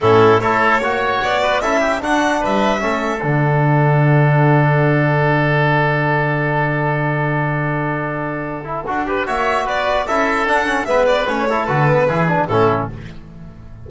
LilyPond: <<
  \new Staff \with { instrumentName = "violin" } { \time 4/4 \tempo 4 = 149 a'4 cis''2 d''4 | e''4 fis''4 e''2 | fis''1~ | fis''1~ |
fis''1~ | fis''2. e''4 | d''4 e''4 fis''4 e''8 d''8 | cis''4 b'2 a'4 | }
  \new Staff \with { instrumentName = "oboe" } { \time 4/4 e'4 a'4 cis''4. b'8 | a'8 g'8 fis'4 b'4 a'4~ | a'1~ | a'1~ |
a'1~ | a'2~ a'8 b'8 cis''4 | b'4 a'2 b'4~ | b'8 a'4. gis'4 e'4 | }
  \new Staff \with { instrumentName = "trombone" } { \time 4/4 cis'4 e'4 fis'2 | e'4 d'2 cis'4 | d'1~ | d'1~ |
d'1~ | d'4. e'8 fis'8 g'8 fis'4~ | fis'4 e'4 d'8 cis'8 b4 | cis'8 e'8 fis'8 b8 e'8 d'8 cis'4 | }
  \new Staff \with { instrumentName = "double bass" } { \time 4/4 a,4 a4 ais4 b4 | cis'4 d'4 g4 a4 | d1~ | d1~ |
d1~ | d2 d'4 ais4 | b4 cis'4 d'4 gis4 | a4 d4 e4 a,4 | }
>>